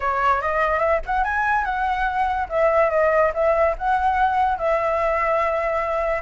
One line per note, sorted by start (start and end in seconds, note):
0.00 0.41 C#5
0.41 0.79 D#5
0.79 1.00 E5
1.05 1.23 F#5
1.23 1.64 G#5
1.64 2.48 F#5
2.49 2.90 E5
2.90 3.31 D#5
3.34 3.75 E5
3.78 4.58 F#5
4.58 6.21 E5